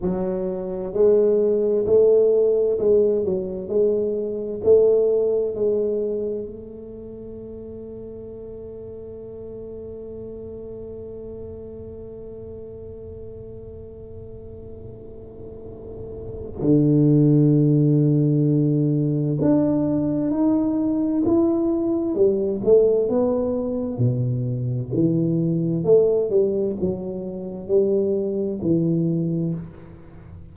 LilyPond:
\new Staff \with { instrumentName = "tuba" } { \time 4/4 \tempo 4 = 65 fis4 gis4 a4 gis8 fis8 | gis4 a4 gis4 a4~ | a1~ | a1~ |
a2 d2~ | d4 d'4 dis'4 e'4 | g8 a8 b4 b,4 e4 | a8 g8 fis4 g4 e4 | }